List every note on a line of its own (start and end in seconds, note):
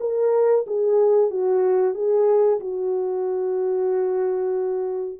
0.00 0.65 A#4
0.67 1.30 G#4
1.30 1.94 F#4
1.94 2.60 G#4
2.60 5.20 F#4